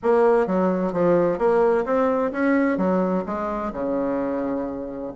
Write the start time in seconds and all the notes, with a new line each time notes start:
0.02 A#3
0.47 F#3
0.92 F3
1.38 A#3
1.85 C4
2.32 C#4
2.77 F#3
3.26 G#3
3.73 C#3